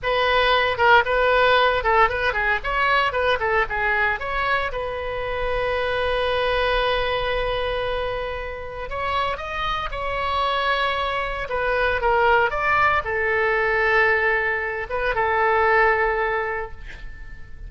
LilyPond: \new Staff \with { instrumentName = "oboe" } { \time 4/4 \tempo 4 = 115 b'4. ais'8 b'4. a'8 | b'8 gis'8 cis''4 b'8 a'8 gis'4 | cis''4 b'2.~ | b'1~ |
b'4 cis''4 dis''4 cis''4~ | cis''2 b'4 ais'4 | d''4 a'2.~ | a'8 b'8 a'2. | }